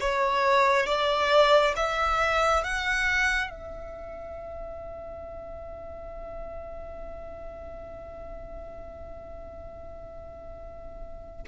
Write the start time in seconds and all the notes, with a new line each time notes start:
0.00 C#5
0.86 D5
1.76 E5
2.63 F#5
3.49 E5